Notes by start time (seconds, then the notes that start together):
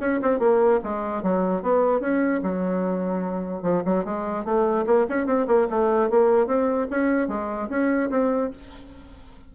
0.00 C#4
0.22 C4
0.39 A#3
0.83 G#3
1.23 F#3
1.62 B3
2.00 C#4
2.43 F#3
3.62 F3
3.85 F#3
4.05 G#3
4.45 A3
4.86 A#3
5.09 C#4
5.26 C4
5.47 A#3
5.70 A3
6.10 A#3
6.47 C4
6.90 C#4
7.28 G#3
7.69 C#4
8.10 C4